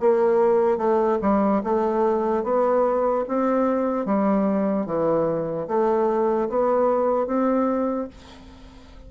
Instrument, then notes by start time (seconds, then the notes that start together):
bassoon
0.00 A#3
0.77 A3
1.22 G3
1.64 A3
2.44 B3
3.28 C4
4.05 G3
4.86 E3
5.68 A3
6.49 B3
7.27 C4